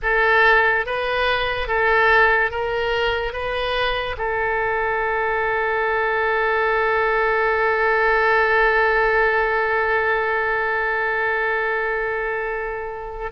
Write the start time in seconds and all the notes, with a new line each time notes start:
0.02 A4
0.86 B4
1.67 A4
2.50 A#4
3.32 B4
4.17 A4